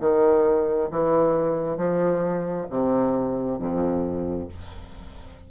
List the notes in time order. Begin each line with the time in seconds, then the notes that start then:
0.00 D#3
0.91 E3
1.77 F3
2.70 C3
3.59 F2